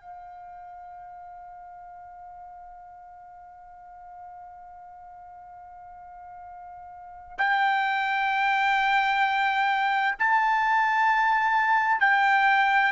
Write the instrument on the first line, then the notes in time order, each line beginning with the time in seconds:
trumpet
0.00 F5
7.38 G5
10.19 A5
12.00 G5